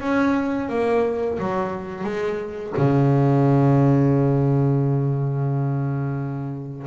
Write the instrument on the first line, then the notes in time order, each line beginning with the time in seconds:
double bass
0.00 C#4
0.69 A#3
1.38 F#3
2.03 G#3
2.76 C#3